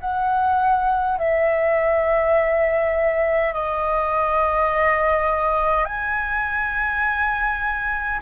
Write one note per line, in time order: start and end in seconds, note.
0.00 1.18 F#5
1.18 3.53 E5
3.53 5.84 D#5
5.84 8.20 G#5